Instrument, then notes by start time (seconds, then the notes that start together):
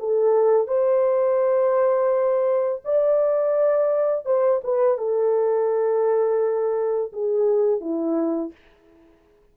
horn
0.00 A4
0.68 C5
2.85 D5
4.26 C5
4.64 B4
4.98 A4
7.13 G#4
7.81 E4